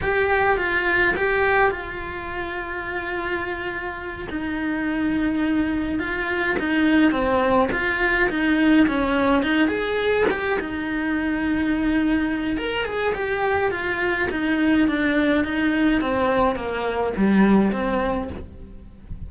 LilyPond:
\new Staff \with { instrumentName = "cello" } { \time 4/4 \tempo 4 = 105 g'4 f'4 g'4 f'4~ | f'2.~ f'8 dis'8~ | dis'2~ dis'8 f'4 dis'8~ | dis'8 c'4 f'4 dis'4 cis'8~ |
cis'8 dis'8 gis'4 g'8 dis'4.~ | dis'2 ais'8 gis'8 g'4 | f'4 dis'4 d'4 dis'4 | c'4 ais4 g4 c'4 | }